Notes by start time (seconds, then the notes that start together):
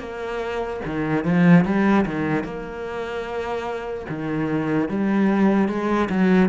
0.00 A#3
0.86 D#3
1.25 F3
1.65 G3
2.06 D#3
2.44 A#3
4.10 D#3
4.89 G3
5.69 G#3
6.10 F#3